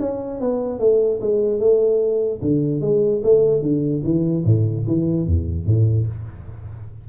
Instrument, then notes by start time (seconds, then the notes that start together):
tuba
0.00 C#4
0.41 B3
0.79 A3
1.21 G#3
1.60 A3
2.42 D3
2.81 G#3
3.24 A3
3.62 D3
4.04 E3
4.45 A2
4.87 E3
5.27 E2
5.66 A2